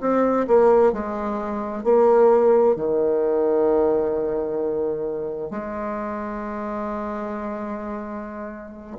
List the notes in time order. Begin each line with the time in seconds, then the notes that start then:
0.00 C4
0.47 A#3
0.92 G#3
1.83 A#3
2.76 D#3
5.50 G#3